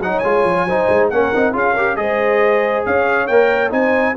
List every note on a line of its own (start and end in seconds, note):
0.00 0.22 F#3
0.00 0.25 D#4
0.00 0.67 C#5
0.00 0.19 F#5
0.19 0.45 G#3
0.19 0.69 F4
0.19 1.07 G#5
0.45 0.65 F3
0.65 0.87 F#3
0.65 1.13 D#4
0.65 1.10 C5
0.89 1.10 G#3
1.10 1.32 A#3
1.10 1.35 C#4
1.10 1.54 A#4
1.10 1.54 F#5
1.35 1.54 C4
1.35 1.53 D#4
1.53 1.98 C#4
1.53 1.75 F4
1.53 1.74 G#4
1.53 1.97 F5
1.74 1.97 G4
1.74 1.95 A#4
1.97 2.86 G#3
1.97 3.28 G#4
1.97 2.88 C5
1.97 2.84 D#5
2.86 3.29 C#4
2.86 3.72 C#5
2.86 3.27 F5
3.27 3.72 A#3
3.27 3.71 A#4
3.27 3.71 G5
3.71 4.16 C4
3.71 4.15 D#4
3.71 4.16 C5
3.71 4.17 G#5